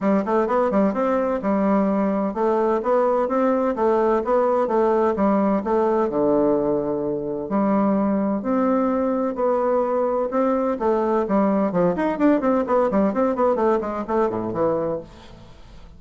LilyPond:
\new Staff \with { instrumentName = "bassoon" } { \time 4/4 \tempo 4 = 128 g8 a8 b8 g8 c'4 g4~ | g4 a4 b4 c'4 | a4 b4 a4 g4 | a4 d2. |
g2 c'2 | b2 c'4 a4 | g4 f8 dis'8 d'8 c'8 b8 g8 | c'8 b8 a8 gis8 a8 a,8 e4 | }